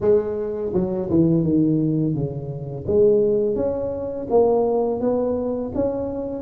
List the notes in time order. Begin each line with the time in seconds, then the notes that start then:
0.00 G#3
0.73 F#3
1.09 E3
1.43 D#3
2.14 C#3
2.87 G#3
3.55 C#4
4.30 A#3
5.00 B3
5.75 C#4